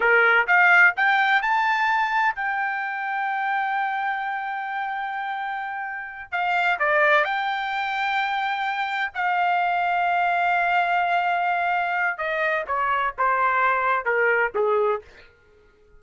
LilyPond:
\new Staff \with { instrumentName = "trumpet" } { \time 4/4 \tempo 4 = 128 ais'4 f''4 g''4 a''4~ | a''4 g''2.~ | g''1~ | g''4. f''4 d''4 g''8~ |
g''2.~ g''8 f''8~ | f''1~ | f''2 dis''4 cis''4 | c''2 ais'4 gis'4 | }